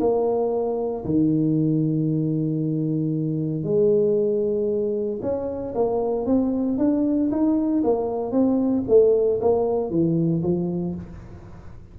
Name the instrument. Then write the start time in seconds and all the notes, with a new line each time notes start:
tuba
0.00 A#3
1.05 D#3
3.63 G#3
5.22 C#4
5.75 A#3
6.26 C4
6.78 D4
7.31 D#4
7.84 A#3
8.31 C4
8.88 A3
9.41 A#3
9.90 E3
10.43 F3